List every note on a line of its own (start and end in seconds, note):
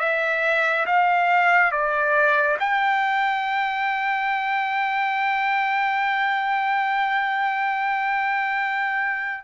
0.00 0.86 E5
0.86 1.72 F5
1.72 2.58 D5
2.60 9.44 G5